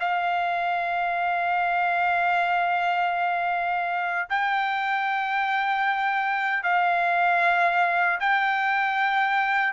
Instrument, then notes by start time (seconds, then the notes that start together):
trumpet
0.00 F5
4.30 G5
6.63 F5
8.20 G5